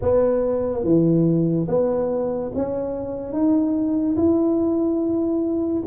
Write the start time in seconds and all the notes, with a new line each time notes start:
0.01 B3
0.83 E3
1.68 B3
2.54 C#4
3.32 D#4
4.16 E4